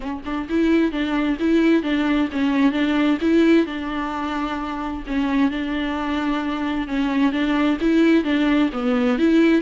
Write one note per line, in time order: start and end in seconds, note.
0.00 0.22 C#4
0.25 0.48 D4
0.49 0.91 E4
0.91 1.37 D4
1.39 1.83 E4
1.83 2.28 D4
2.32 2.72 C#4
2.72 3.17 D4
3.21 3.66 E4
3.66 5.03 D4
5.06 5.50 C#4
5.50 6.87 D4
6.87 7.32 C#4
7.32 7.77 D4
7.80 8.24 E4
8.24 8.70 D4
8.72 9.18 B3
9.18 9.61 E4